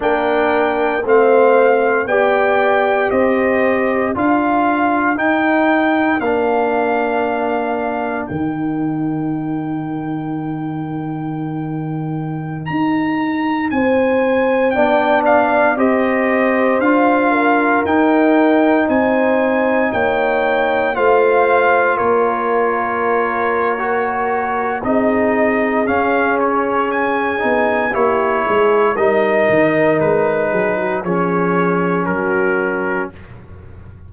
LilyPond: <<
  \new Staff \with { instrumentName = "trumpet" } { \time 4/4 \tempo 4 = 58 g''4 f''4 g''4 dis''4 | f''4 g''4 f''2 | g''1~ | g''16 ais''4 gis''4 g''8 f''8 dis''8.~ |
dis''16 f''4 g''4 gis''4 g''8.~ | g''16 f''4 cis''2~ cis''8. | dis''4 f''8 cis''8 gis''4 cis''4 | dis''4 b'4 cis''4 ais'4 | }
  \new Staff \with { instrumentName = "horn" } { \time 4/4 ais'4 c''4 d''4 c''4 | ais'1~ | ais'1~ | ais'4~ ais'16 c''4 d''4 c''8.~ |
c''8. ais'4. c''4 cis''8.~ | cis''16 c''4 ais'2~ ais'8. | gis'2. g'8 gis'8 | ais'4. gis'16 fis'16 gis'4 fis'4 | }
  \new Staff \with { instrumentName = "trombone" } { \time 4/4 d'4 c'4 g'2 | f'4 dis'4 d'2 | dis'1~ | dis'2~ dis'16 d'4 g'8.~ |
g'16 f'4 dis'2~ dis'8.~ | dis'16 f'2~ f'8. fis'4 | dis'4 cis'4. dis'8 e'4 | dis'2 cis'2 | }
  \new Staff \with { instrumentName = "tuba" } { \time 4/4 ais4 a4 b4 c'4 | d'4 dis'4 ais2 | dis1~ | dis16 dis'4 c'4 b4 c'8.~ |
c'16 d'4 dis'4 c'4 ais8.~ | ais16 a4 ais2~ ais8. | c'4 cis'4. b8 ais8 gis8 | g8 dis8 gis8 fis8 f4 fis4 | }
>>